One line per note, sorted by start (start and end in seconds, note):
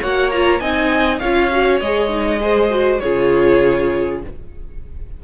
0.00 0.60 A#3
0.00 0.32 F#4
0.00 0.60 C#5
0.00 0.30 F#5
0.30 0.60 F4
0.30 0.59 A#5
0.59 1.20 C4
0.59 1.20 D#4
0.59 1.20 D#5
0.59 1.19 G#5
1.19 1.81 C#4
1.19 1.51 F4
1.19 2.40 C#5
1.19 1.79 F5
1.51 1.81 F#4
1.79 3.01 G#3
1.79 2.08 G#4
1.79 3.00 D#5
2.08 2.38 D#4
2.40 2.69 G#4
2.40 3.02 C5
2.69 3.00 F#4
3.00 4.23 C#3
3.00 4.24 F4
3.00 4.22 G#4
3.00 4.20 C#5